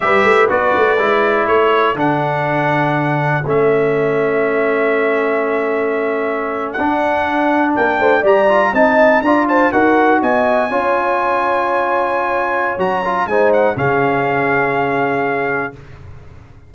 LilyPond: <<
  \new Staff \with { instrumentName = "trumpet" } { \time 4/4 \tempo 4 = 122 e''4 d''2 cis''4 | fis''2. e''4~ | e''1~ | e''4.~ e''16 fis''2 g''16~ |
g''8. ais''4 a''4 ais''8 a''8 fis''16~ | fis''8. gis''2.~ gis''16~ | gis''2 ais''4 gis''8 fis''8 | f''1 | }
  \new Staff \with { instrumentName = "horn" } { \time 4/4 b'2. a'4~ | a'1~ | a'1~ | a'2.~ a'8. ais'16~ |
ais'16 c''8 d''4 dis''4 d''8 c''8 ais'16~ | ais'8. dis''4 cis''2~ cis''16~ | cis''2. c''4 | gis'1 | }
  \new Staff \with { instrumentName = "trombone" } { \time 4/4 g'4 fis'4 e'2 | d'2. cis'4~ | cis'1~ | cis'4.~ cis'16 d'2~ d'16~ |
d'8. g'8 f'8 dis'4 f'4 fis'16~ | fis'4.~ fis'16 f'2~ f'16~ | f'2 fis'8 f'8 dis'4 | cis'1 | }
  \new Staff \with { instrumentName = "tuba" } { \time 4/4 g8 a8 b8 a8 gis4 a4 | d2. a4~ | a1~ | a4.~ a16 d'2 ais16~ |
ais16 a8 g4 c'4 d'4 dis'16~ | dis'8. b4 cis'2~ cis'16~ | cis'2 fis4 gis4 | cis1 | }
>>